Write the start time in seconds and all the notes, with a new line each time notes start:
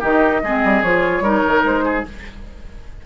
0.00 D#3 D#4 G4 D#5
0.43 G#3 C4 G#4
0.64 G3
0.83 F3 F4 C#5
1.21 G3 D#4 A#4
1.47 D#3
1.64 G#3 C5
1.85 G#4